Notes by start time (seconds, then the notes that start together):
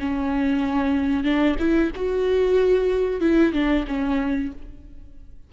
0.00 C#4
1.24 D4
1.60 E4
1.96 F#4
3.21 E4
3.53 D4
3.88 C#4